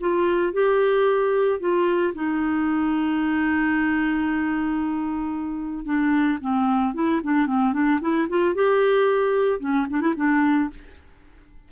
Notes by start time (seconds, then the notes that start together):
0.00 F4
0.53 G4
1.59 F4
2.14 D#4
5.85 D4
6.41 C4
6.94 E4
7.23 D4
7.46 C4
7.73 D4
8.01 E4
8.28 F4
8.54 G4
9.59 C#4
9.90 D4
10.00 E4
10.16 D4